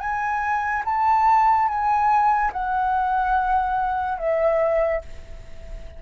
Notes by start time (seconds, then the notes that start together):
0.00 G#5
0.85 A5
1.68 G#5
2.53 F#5
4.18 E5